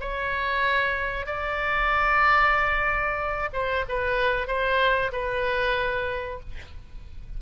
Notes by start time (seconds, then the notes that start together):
0.00 C#5
1.26 D5
3.53 C5
3.88 B4
4.47 C5
5.12 B4